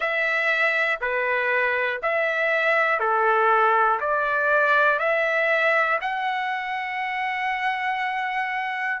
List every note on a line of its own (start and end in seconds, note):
0.00 0.99 E5
1.00 2.00 B4
2.02 2.99 E5
2.99 3.99 A4
4.00 4.99 D5
4.99 5.99 E5
6.00 9.00 F#5